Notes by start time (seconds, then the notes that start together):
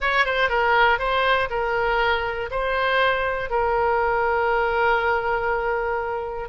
0.00 C#5
0.25 C5
0.49 A#4
0.98 C5
1.50 A#4
2.50 C5
3.50 A#4